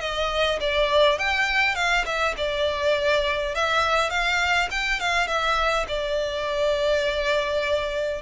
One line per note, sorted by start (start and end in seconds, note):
0.00 0.59 D#5
0.60 1.18 D5
1.18 1.75 G5
1.75 2.05 F5
2.05 2.34 E5
2.37 3.54 D5
3.54 4.09 E5
4.09 4.68 F5
4.71 5.00 G5
5.00 5.27 F5
5.27 5.86 E5
5.88 8.21 D5